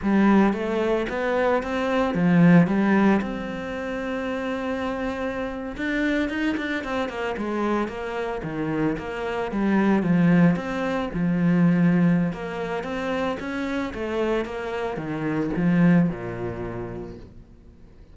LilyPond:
\new Staff \with { instrumentName = "cello" } { \time 4/4 \tempo 4 = 112 g4 a4 b4 c'4 | f4 g4 c'2~ | c'2~ c'8. d'4 dis'16~ | dis'16 d'8 c'8 ais8 gis4 ais4 dis16~ |
dis8. ais4 g4 f4 c'16~ | c'8. f2~ f16 ais4 | c'4 cis'4 a4 ais4 | dis4 f4 ais,2 | }